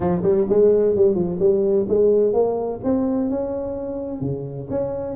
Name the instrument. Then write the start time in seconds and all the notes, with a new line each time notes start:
tuba
0.00 F3
0.23 G3
0.49 G#3
0.95 G3
1.14 F3
1.39 G3
1.88 G#3
2.33 A#3
2.83 C4
3.30 C#4
4.21 C#3
4.70 C#4